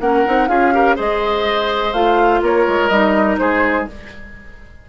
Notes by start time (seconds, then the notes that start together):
0.00 A#3 C#4 A#4 F#5
0.26 C4 D#4
0.48 C#4 F4 G#4 F5
0.72 G4 A#4
0.96 G#3 G#4 C5 D#5
1.93 A3 F4 F5
2.42 A#3 A#4 C#5
2.68 G#3
2.89 G3 D#4 D#5
3.38 G#3 G#4 C5